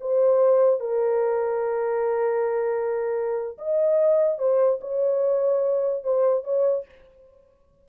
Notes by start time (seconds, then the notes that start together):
0.00 C5
0.80 A#4
3.58 D#5
4.38 C5
4.81 C#5
6.03 C5
6.44 C#5